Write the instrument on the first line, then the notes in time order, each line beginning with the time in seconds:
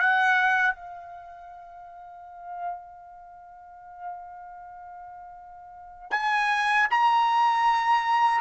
trumpet
0.00 F#5
0.75 F5
6.11 G#5
6.91 A#5